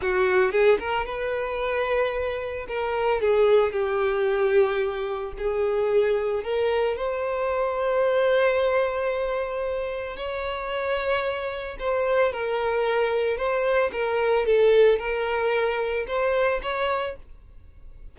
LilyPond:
\new Staff \with { instrumentName = "violin" } { \time 4/4 \tempo 4 = 112 fis'4 gis'8 ais'8 b'2~ | b'4 ais'4 gis'4 g'4~ | g'2 gis'2 | ais'4 c''2.~ |
c''2. cis''4~ | cis''2 c''4 ais'4~ | ais'4 c''4 ais'4 a'4 | ais'2 c''4 cis''4 | }